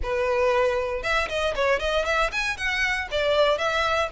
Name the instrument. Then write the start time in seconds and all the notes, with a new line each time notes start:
violin
0.03 B4
1.03 E5
1.28 D#5
1.55 C#5
1.79 D#5
2.05 E5
2.32 G#5
2.57 F#5
3.11 D5
3.58 E5